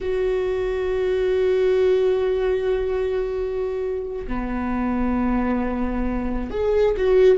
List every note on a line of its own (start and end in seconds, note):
0.00 4.26 F#4
4.27 6.50 B3
6.50 6.95 G#4
6.97 7.38 F#4